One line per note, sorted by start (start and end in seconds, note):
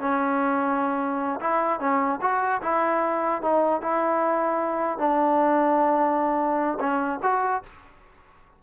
0.00 1.40 C#4
1.40 1.80 E4
1.80 2.20 C#4
2.22 2.62 F#4
2.62 3.42 E4
3.42 3.82 D#4
3.82 4.99 E4
4.99 6.79 D4
6.80 7.20 C#4
7.23 7.63 F#4